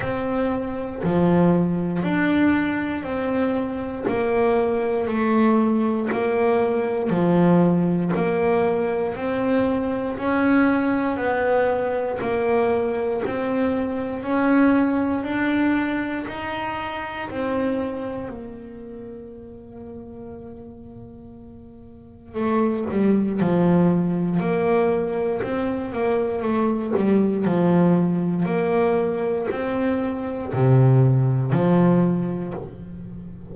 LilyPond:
\new Staff \with { instrumentName = "double bass" } { \time 4/4 \tempo 4 = 59 c'4 f4 d'4 c'4 | ais4 a4 ais4 f4 | ais4 c'4 cis'4 b4 | ais4 c'4 cis'4 d'4 |
dis'4 c'4 ais2~ | ais2 a8 g8 f4 | ais4 c'8 ais8 a8 g8 f4 | ais4 c'4 c4 f4 | }